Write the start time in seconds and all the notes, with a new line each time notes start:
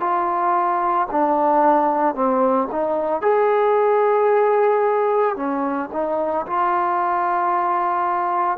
0.00 F4
1.11 D4
2.14 C4
2.72 D#4
3.21 G#4
5.36 C#4
5.92 D#4
6.46 F4